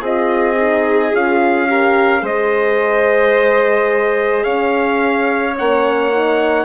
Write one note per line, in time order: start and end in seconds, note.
0.00 1.12 C4
0.00 0.56 F4
0.00 1.67 G#4
0.00 1.15 D#5
0.57 1.12 D#4
1.12 2.22 C#4
1.12 1.68 F4
1.12 2.25 F5
1.68 2.19 G4
1.68 2.22 A#4
2.19 4.44 G#3
2.19 5.53 G#4
2.19 4.44 C5
2.25 4.43 D#5
4.43 5.56 C#4
4.43 6.65 C#5
4.43 5.54 F5
5.57 6.65 A#3
5.57 6.12 C#4
5.57 6.65 F#5
6.12 6.65 D#4